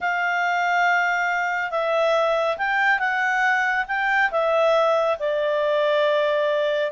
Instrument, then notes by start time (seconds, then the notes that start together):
clarinet
0.00 F5
1.71 E5
2.57 G5
2.99 F#5
3.87 G5
4.31 E5
5.19 D5